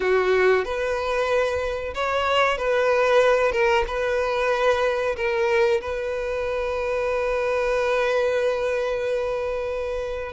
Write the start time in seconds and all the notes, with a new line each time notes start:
0.00 F#4
0.65 B4
1.94 C#5
2.57 B4
3.52 A#4
3.87 B4
5.16 A#4
5.81 B4